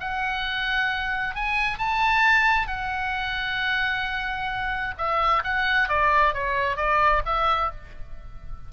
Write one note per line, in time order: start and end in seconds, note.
0.00 1.35 F#5
1.35 1.78 G#5
1.78 2.67 A5
2.67 4.94 F#5
4.97 5.43 E5
5.44 5.88 F#5
5.88 6.33 D5
6.33 6.76 C#5
6.76 7.22 D5
7.25 7.71 E5